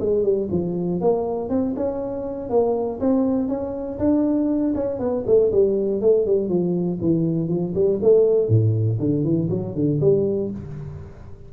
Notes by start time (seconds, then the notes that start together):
0.00 G#3
0.23 G3
0.51 F3
1.01 A#3
1.49 C4
1.76 C#4
2.50 A#3
3.00 C4
3.49 C#4
3.99 D4
4.75 C#4
4.99 B3
5.26 A3
5.52 G3
6.01 A3
6.26 G3
6.49 F3
7.01 E3
7.48 F3
7.75 G3
8.02 A3
8.48 A2
9.00 D3
9.24 E3
9.50 F#3
9.75 D3
10.01 G3